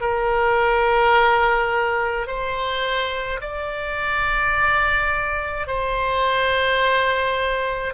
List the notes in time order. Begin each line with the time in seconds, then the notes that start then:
0.00 A#4
2.26 C5
3.41 D5
5.67 C5